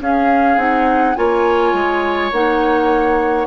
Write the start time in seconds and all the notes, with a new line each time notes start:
0.00 C#4 G#4 F5
0.57 C4 D#4 F#5
1.15 A#3 F4 C#5 G#5
1.73 G#3
2.32 A#3 D#4 F#5